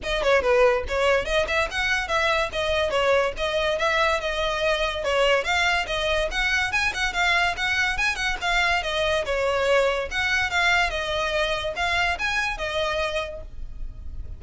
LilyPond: \new Staff \with { instrumentName = "violin" } { \time 4/4 \tempo 4 = 143 dis''8 cis''8 b'4 cis''4 dis''8 e''8 | fis''4 e''4 dis''4 cis''4 | dis''4 e''4 dis''2 | cis''4 f''4 dis''4 fis''4 |
gis''8 fis''8 f''4 fis''4 gis''8 fis''8 | f''4 dis''4 cis''2 | fis''4 f''4 dis''2 | f''4 gis''4 dis''2 | }